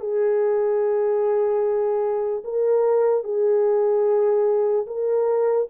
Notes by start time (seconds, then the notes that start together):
0.00 G#4
2.44 A#4
3.24 G#4
4.86 A#4